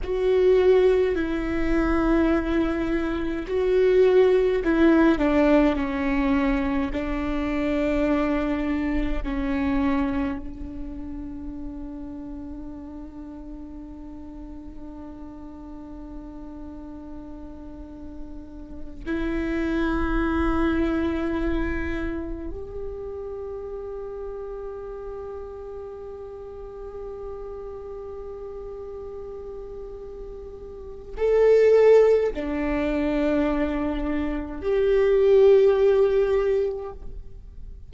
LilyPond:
\new Staff \with { instrumentName = "viola" } { \time 4/4 \tempo 4 = 52 fis'4 e'2 fis'4 | e'8 d'8 cis'4 d'2 | cis'4 d'2.~ | d'1~ |
d'8 e'2. g'8~ | g'1~ | g'2. a'4 | d'2 g'2 | }